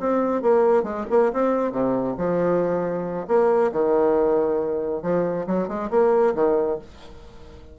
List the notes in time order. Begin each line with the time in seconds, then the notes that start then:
0.00 C4
0.42 A#3
0.83 G#3
1.10 A#3
1.32 C4
1.71 C3
2.17 F3
3.27 A#3
3.72 D#3
5.02 F3
5.46 F#3
5.68 G#3
5.90 A#3
6.34 D#3